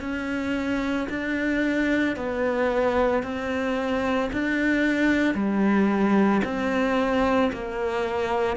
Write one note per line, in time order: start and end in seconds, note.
0.00 1.07 C#4
1.09 2.16 D4
2.16 3.23 B3
3.23 4.30 C4
4.32 5.35 D4
5.35 6.41 G3
6.44 7.51 C4
7.52 8.57 A#3